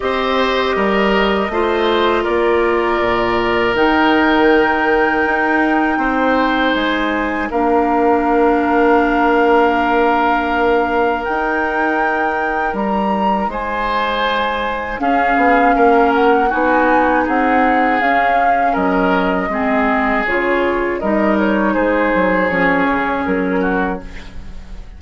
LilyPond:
<<
  \new Staff \with { instrumentName = "flute" } { \time 4/4 \tempo 4 = 80 dis''2. d''4~ | d''4 g''2.~ | g''4 gis''4 f''2~ | f''2. g''4~ |
g''4 ais''4 gis''2 | f''4. fis''8 gis''4 fis''4 | f''4 dis''2 cis''4 | dis''8 cis''8 c''4 cis''4 ais'4 | }
  \new Staff \with { instrumentName = "oboe" } { \time 4/4 c''4 ais'4 c''4 ais'4~ | ais'1 | c''2 ais'2~ | ais'1~ |
ais'2 c''2 | gis'4 ais'4 fis'4 gis'4~ | gis'4 ais'4 gis'2 | ais'4 gis'2~ gis'8 fis'8 | }
  \new Staff \with { instrumentName = "clarinet" } { \time 4/4 g'2 f'2~ | f'4 dis'2.~ | dis'2 d'2~ | d'2. dis'4~ |
dis'1 | cis'2 dis'2 | cis'2 c'4 f'4 | dis'2 cis'2 | }
  \new Staff \with { instrumentName = "bassoon" } { \time 4/4 c'4 g4 a4 ais4 | ais,4 dis2 dis'4 | c'4 gis4 ais2~ | ais2. dis'4~ |
dis'4 g4 gis2 | cis'8 b8 ais4 b4 c'4 | cis'4 fis4 gis4 cis4 | g4 gis8 fis8 f8 cis8 fis4 | }
>>